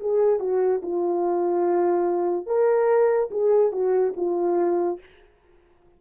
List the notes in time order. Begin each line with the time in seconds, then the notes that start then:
0.00 G#4
0.39 F#4
0.82 F4
2.46 A#4
3.31 G#4
3.72 F#4
4.16 F4